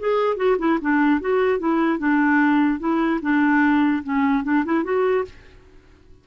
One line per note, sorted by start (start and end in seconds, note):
0.00 0.37 G#4
0.37 0.57 F#4
0.59 0.79 E4
0.82 1.21 D4
1.21 1.59 F#4
1.59 1.99 E4
1.99 2.80 D4
2.80 3.20 E4
3.22 4.04 D4
4.04 4.44 C#4
4.44 4.65 D4
4.65 4.84 E4
4.84 5.25 F#4